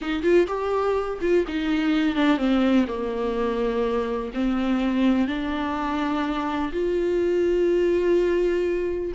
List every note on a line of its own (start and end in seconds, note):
0.01 0.22 D#4
0.22 0.46 F4
0.47 1.19 G4
1.21 1.45 F4
1.47 2.15 D#4
2.15 2.37 D4
2.37 2.85 C4
2.87 4.31 A#3
4.34 5.27 C4
5.27 6.71 D4
6.72 9.12 F4